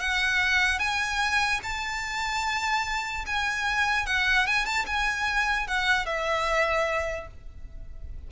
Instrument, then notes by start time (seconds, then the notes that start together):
violin
0.00 F#5
0.79 G#5
1.63 A5
3.26 G#5
4.06 F#5
4.47 G#5
4.65 A5
4.86 G#5
5.68 F#5
6.06 E5